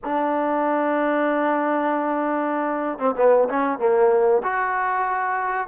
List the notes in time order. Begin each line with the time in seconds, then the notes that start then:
0.04 D4
2.99 C4
3.16 B3
3.49 C#4
3.79 A#3
4.43 F#4